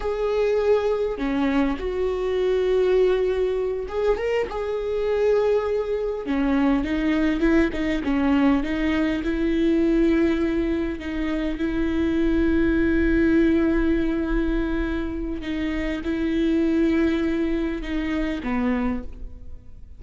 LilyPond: \new Staff \with { instrumentName = "viola" } { \time 4/4 \tempo 4 = 101 gis'2 cis'4 fis'4~ | fis'2~ fis'8 gis'8 ais'8 gis'8~ | gis'2~ gis'8 cis'4 dis'8~ | dis'8 e'8 dis'8 cis'4 dis'4 e'8~ |
e'2~ e'8 dis'4 e'8~ | e'1~ | e'2 dis'4 e'4~ | e'2 dis'4 b4 | }